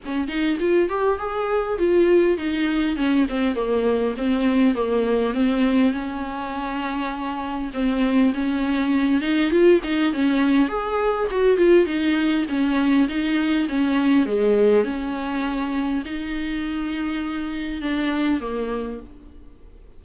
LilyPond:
\new Staff \with { instrumentName = "viola" } { \time 4/4 \tempo 4 = 101 cis'8 dis'8 f'8 g'8 gis'4 f'4 | dis'4 cis'8 c'8 ais4 c'4 | ais4 c'4 cis'2~ | cis'4 c'4 cis'4. dis'8 |
f'8 dis'8 cis'4 gis'4 fis'8 f'8 | dis'4 cis'4 dis'4 cis'4 | gis4 cis'2 dis'4~ | dis'2 d'4 ais4 | }